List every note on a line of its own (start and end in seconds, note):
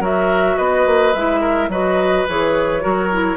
0.00 0.56 F#3
0.00 1.13 F#4
0.00 0.56 A#4
0.00 0.58 E5
0.57 0.86 B3
0.57 1.41 B4
0.57 1.14 D#5
0.86 1.14 A#3
1.14 1.69 G#3
1.14 1.71 E4
1.14 1.70 E5
1.41 1.69 A#4
1.69 2.25 F#3
1.69 2.27 F#4
1.69 2.82 B4
1.69 2.27 D#5
2.29 2.85 E3
2.29 2.81 G#4
2.29 3.37 C#5
2.81 3.37 F#3
2.81 3.09 F#4
2.81 3.37 A#4
3.12 3.37 E4